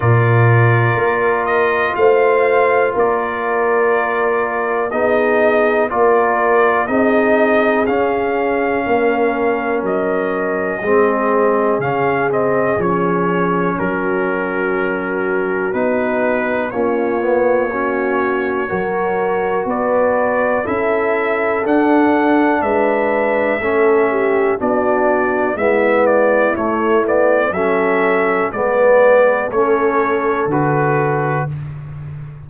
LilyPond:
<<
  \new Staff \with { instrumentName = "trumpet" } { \time 4/4 \tempo 4 = 61 d''4. dis''8 f''4 d''4~ | d''4 dis''4 d''4 dis''4 | f''2 dis''2 | f''8 dis''8 cis''4 ais'2 |
b'4 cis''2. | d''4 e''4 fis''4 e''4~ | e''4 d''4 e''8 d''8 cis''8 d''8 | e''4 d''4 cis''4 b'4 | }
  \new Staff \with { instrumentName = "horn" } { \time 4/4 ais'2 c''4 ais'4~ | ais'4 gis'4 ais'4 gis'4~ | gis'4 ais'2 gis'4~ | gis'2 fis'2~ |
fis'4 f'4 fis'4 ais'4 | b'4 a'2 b'4 | a'8 g'8 fis'4 e'2 | a'4 b'4 a'2 | }
  \new Staff \with { instrumentName = "trombone" } { \time 4/4 f'1~ | f'4 dis'4 f'4 dis'4 | cis'2. c'4 | cis'8 c'8 cis'2. |
dis'4 cis'8 b8 cis'4 fis'4~ | fis'4 e'4 d'2 | cis'4 d'4 b4 a8 b8 | cis'4 b4 cis'4 fis'4 | }
  \new Staff \with { instrumentName = "tuba" } { \time 4/4 ais,4 ais4 a4 ais4~ | ais4 b4 ais4 c'4 | cis'4 ais4 fis4 gis4 | cis4 f4 fis2 |
b4 ais2 fis4 | b4 cis'4 d'4 gis4 | a4 b4 gis4 a4 | fis4 gis4 a4 d4 | }
>>